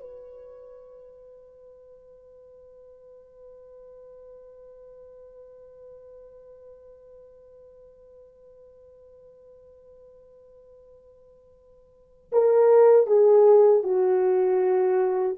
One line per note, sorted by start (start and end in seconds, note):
0.00 12.31 B4
12.32 13.06 A#4
13.06 13.83 G#4
13.83 15.37 F#4